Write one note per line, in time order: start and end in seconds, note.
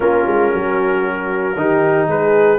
0.00 0.25 A#3
0.00 1.56 C#4
0.00 0.51 F4
0.00 2.09 A#4
0.26 0.52 G#3
0.51 1.55 F#3
0.51 1.55 F#4
1.55 2.07 D#3
1.55 2.58 D#4
1.55 2.07 G4
2.07 2.58 G#3
2.07 2.58 G#4
2.07 2.58 B4